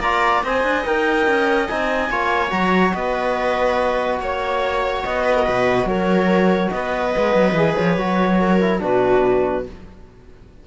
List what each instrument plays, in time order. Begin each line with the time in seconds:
0.00 cello A#3, trombone F4, viola D5, clarinet A#5
0.43 cello C4, trombone C5, viola D#5, clarinet G#5
0.64 cello D4
0.85 cello D#4, trombone A#4, clarinet G5
1.26 cello C#4
1.68 cello C4, trombone D#4, clarinet G#5
2.09 cello A#3, trombone F4, viola C#5
2.49 cello F#3, trombone F#4, clarinet A#5
2.93 cello B3, viola B4, clarinet D#5
4.19 cello A#3, viola C#5, clarinet C#5
5.04 cello B3, clarinet D#5
5.24 viola B4
5.35 viola A#4
5.45 cello B2, viola B4
5.84 cello F#3, viola A#4, clarinet C#5
6.70 cello B3, viola B4, clarinet D#5
7.13 cello G#3, trombone B3
7.35 cello F#3
7.53 cello E3, trombone G#4
7.76 cello F3, clarinet C#5
7.97 cello F#3, trombone F#4
8.41 viola A#4
8.61 trombone E4
8.79 cello B2, trombone D4, viola F#4, clarinet B4